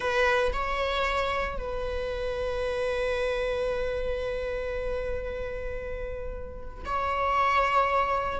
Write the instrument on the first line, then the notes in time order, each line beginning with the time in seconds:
viola
0.00 B4
0.52 C#5
1.58 B4
6.85 C#5